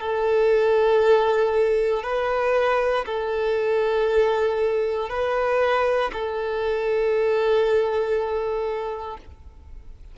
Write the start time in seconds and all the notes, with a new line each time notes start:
0.00 A4
2.03 B4
3.06 A4
5.09 B4
6.12 A4